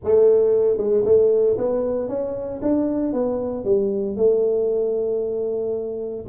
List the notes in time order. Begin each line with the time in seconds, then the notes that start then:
0.04 A3
0.77 G#3
1.05 A3
1.57 B3
2.08 C#4
2.61 D4
3.13 B3
3.64 G3
4.16 A3